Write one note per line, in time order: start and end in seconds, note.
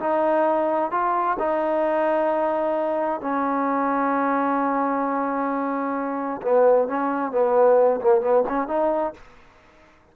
0.00 0.92 D#4
0.92 1.37 F4
1.39 3.21 D#4
3.21 6.42 C#4
6.43 6.88 B3
6.88 7.32 C#4
7.32 8.01 B3
8.01 8.22 A#3
8.22 8.44 B3
8.49 8.68 C#4
8.68 9.14 D#4